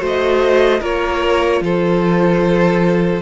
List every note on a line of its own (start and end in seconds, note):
0.00 0.81 A3
0.00 0.80 F#4
0.00 0.81 C5
0.07 0.84 D#5
0.81 1.61 A#3
0.81 3.22 F4
0.81 1.61 A#4
0.81 1.64 C#5
1.61 3.21 F3
1.61 3.23 A4
1.61 3.23 C5